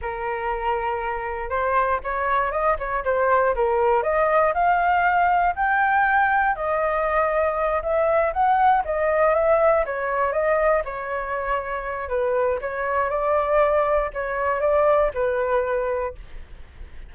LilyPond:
\new Staff \with { instrumentName = "flute" } { \time 4/4 \tempo 4 = 119 ais'2. c''4 | cis''4 dis''8 cis''8 c''4 ais'4 | dis''4 f''2 g''4~ | g''4 dis''2~ dis''8 e''8~ |
e''8 fis''4 dis''4 e''4 cis''8~ | cis''8 dis''4 cis''2~ cis''8 | b'4 cis''4 d''2 | cis''4 d''4 b'2 | }